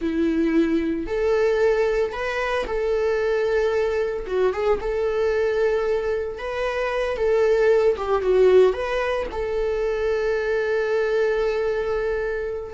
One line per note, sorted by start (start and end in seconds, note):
0.01 1.06 E4
1.06 2.12 A4
2.12 2.65 B4
2.66 4.26 A4
4.26 4.52 F#4
4.52 4.79 G#4
4.80 6.38 A4
6.38 7.16 B4
7.16 7.96 A4
7.96 8.22 G4
8.22 8.73 F#4
8.73 9.26 B4
9.31 12.74 A4